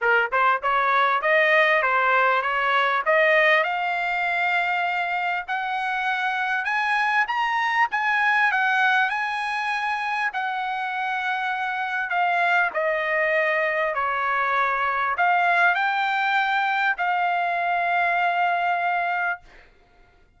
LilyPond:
\new Staff \with { instrumentName = "trumpet" } { \time 4/4 \tempo 4 = 99 ais'8 c''8 cis''4 dis''4 c''4 | cis''4 dis''4 f''2~ | f''4 fis''2 gis''4 | ais''4 gis''4 fis''4 gis''4~ |
gis''4 fis''2. | f''4 dis''2 cis''4~ | cis''4 f''4 g''2 | f''1 | }